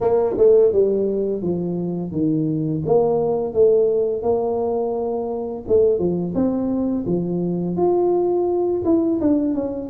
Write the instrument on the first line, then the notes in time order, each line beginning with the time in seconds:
tuba
0.01 A#3
0.37 A3
0.72 G3
1.41 F3
2.11 D#3
2.86 A#3
3.53 A3
4.22 A#3
5.68 A3
5.98 F3
6.34 C4
7.06 F3
7.76 F4
8.84 E4
9.20 D4
9.54 C#4